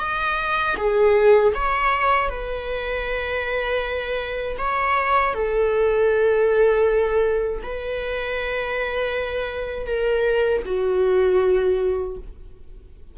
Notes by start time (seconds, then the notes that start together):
0.00 D#5
0.78 G#4
1.55 C#5
2.30 B4
4.58 C#5
5.34 A4
7.64 B4
9.87 A#4
10.66 F#4